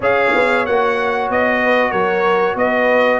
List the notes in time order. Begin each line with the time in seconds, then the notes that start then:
0.00 C#4 G#4 C#5 F5
0.34 B3
0.65 A#3 F#4 F#5
1.29 B3 D#5
1.63 B4
1.91 F#3 A#4 C#5
2.55 B3 B4 D#5